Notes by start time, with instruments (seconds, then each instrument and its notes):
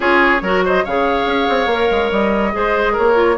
0.00 bassoon C#4, clarinet F4, oboe G#4, flute C#5
0.41 bassoon F#3, clarinet F#4, oboe A#4
0.64 oboe C5, flute D#5
0.84 bassoon C#3, clarinet G#4, oboe C#5, flute F5
1.26 bassoon C#4
1.48 bassoon C4
1.66 bassoon A#3, clarinet A#4
1.90 bassoon G#3
2.11 bassoon G3, flute D#5
2.52 bassoon G#3, clarinet G#4, oboe C5
2.92 bassoon A#3, oboe A#4, flute C#5
3.14 clarinet F4